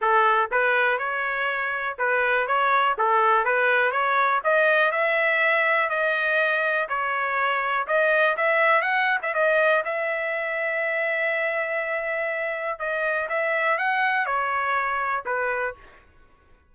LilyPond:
\new Staff \with { instrumentName = "trumpet" } { \time 4/4 \tempo 4 = 122 a'4 b'4 cis''2 | b'4 cis''4 a'4 b'4 | cis''4 dis''4 e''2 | dis''2 cis''2 |
dis''4 e''4 fis''8. e''16 dis''4 | e''1~ | e''2 dis''4 e''4 | fis''4 cis''2 b'4 | }